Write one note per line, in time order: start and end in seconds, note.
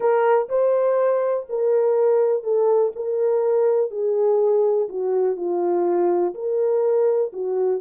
0.00 0.48 A#4
0.48 1.46 C5
1.49 2.43 A#4
2.43 2.92 A4
2.95 3.90 A#4
3.90 4.88 G#4
4.88 5.36 F#4
5.36 6.34 F4
6.34 7.32 A#4
7.32 7.81 F#4